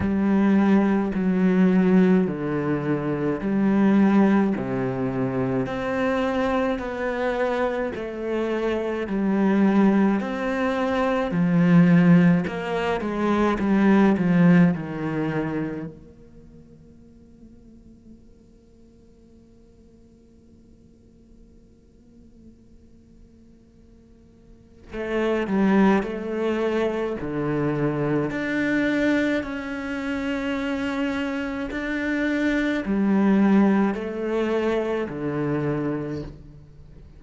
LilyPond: \new Staff \with { instrumentName = "cello" } { \time 4/4 \tempo 4 = 53 g4 fis4 d4 g4 | c4 c'4 b4 a4 | g4 c'4 f4 ais8 gis8 | g8 f8 dis4 ais2~ |
ais1~ | ais2 a8 g8 a4 | d4 d'4 cis'2 | d'4 g4 a4 d4 | }